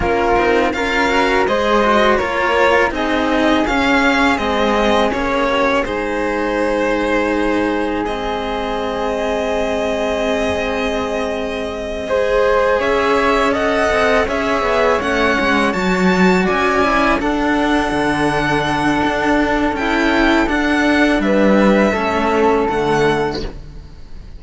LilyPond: <<
  \new Staff \with { instrumentName = "violin" } { \time 4/4 \tempo 4 = 82 ais'4 f''4 dis''4 cis''4 | dis''4 f''4 dis''4 cis''4 | c''2. dis''4~ | dis''1~ |
dis''4. e''4 fis''4 e''8~ | e''8 fis''4 a''4 gis''4 fis''8~ | fis''2. g''4 | fis''4 e''2 fis''4 | }
  \new Staff \with { instrumentName = "flute" } { \time 4/4 f'4 ais'4 c''4 ais'4 | gis'2.~ gis'8 g'8 | gis'1~ | gis'1~ |
gis'8 c''4 cis''4 dis''4 cis''8~ | cis''2~ cis''8 d''4 a'8~ | a'1~ | a'4 b'4 a'2 | }
  \new Staff \with { instrumentName = "cello" } { \time 4/4 cis'8 dis'8 f'8 fis'8 gis'8 fis'8 f'4 | dis'4 cis'4 c'4 cis'4 | dis'2. c'4~ | c'1~ |
c'8 gis'2 a'4 gis'8~ | gis'8 cis'4 fis'4. e'8 d'8~ | d'2. e'4 | d'2 cis'4 a4 | }
  \new Staff \with { instrumentName = "cello" } { \time 4/4 ais8 c'8 cis'4 gis4 ais4 | c'4 cis'4 gis4 ais4 | gis1~ | gis1~ |
gis4. cis'4. c'8 cis'8 | b8 a8 gis8 fis4 cis'4 d'8~ | d'8 d4. d'4 cis'4 | d'4 g4 a4 d4 | }
>>